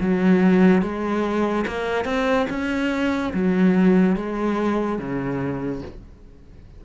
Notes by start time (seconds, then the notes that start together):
0.00 F#3
0.82 G#3
1.67 A#3
2.05 C4
2.50 C#4
3.34 F#3
4.16 G#3
4.99 C#3